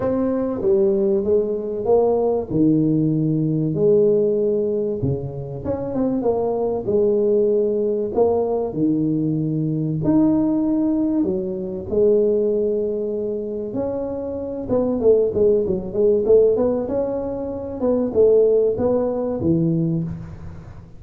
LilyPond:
\new Staff \with { instrumentName = "tuba" } { \time 4/4 \tempo 4 = 96 c'4 g4 gis4 ais4 | dis2 gis2 | cis4 cis'8 c'8 ais4 gis4~ | gis4 ais4 dis2 |
dis'2 fis4 gis4~ | gis2 cis'4. b8 | a8 gis8 fis8 gis8 a8 b8 cis'4~ | cis'8 b8 a4 b4 e4 | }